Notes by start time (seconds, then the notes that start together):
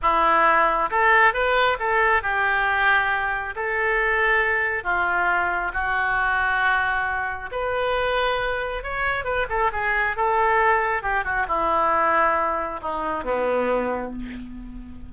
0.02 E4
0.90 A4
1.33 B4
1.79 A4
2.22 G4
3.55 A4
4.83 F4
5.73 F#4
7.51 B4
8.83 C#5
9.24 B4
9.49 A4
9.72 G#4
10.16 A4
11.02 G4
11.24 F#4
11.48 E4
12.82 D#4
13.24 B3